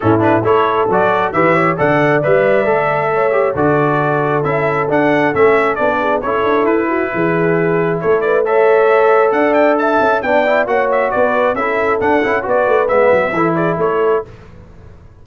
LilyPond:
<<
  \new Staff \with { instrumentName = "trumpet" } { \time 4/4 \tempo 4 = 135 a'8 b'8 cis''4 d''4 e''4 | fis''4 e''2. | d''2 e''4 fis''4 | e''4 d''4 cis''4 b'4~ |
b'2 cis''8 d''8 e''4~ | e''4 fis''8 g''8 a''4 g''4 | fis''8 e''8 d''4 e''4 fis''4 | d''4 e''4. d''8 cis''4 | }
  \new Staff \with { instrumentName = "horn" } { \time 4/4 e'4 a'2 b'8 cis''8 | d''2. cis''4 | a'1~ | a'4. gis'8 a'4. fis'8 |
gis'2 a'8 b'8 cis''4~ | cis''4 d''4 e''4 d''4 | cis''4 b'4 a'2 | b'2 a'8 gis'8 a'4 | }
  \new Staff \with { instrumentName = "trombone" } { \time 4/4 cis'8 d'8 e'4 fis'4 g'4 | a'4 b'4 a'4. g'8 | fis'2 e'4 d'4 | cis'4 d'4 e'2~ |
e'2. a'4~ | a'2. d'8 e'8 | fis'2 e'4 d'8 e'8 | fis'4 b4 e'2 | }
  \new Staff \with { instrumentName = "tuba" } { \time 4/4 a,4 a4 fis4 e4 | d4 g4 a2 | d2 cis'4 d'4 | a4 b4 cis'8 d'8 e'4 |
e2 a2~ | a4 d'4. cis'8 b4 | ais4 b4 cis'4 d'8 cis'8 | b8 a8 gis8 fis8 e4 a4 | }
>>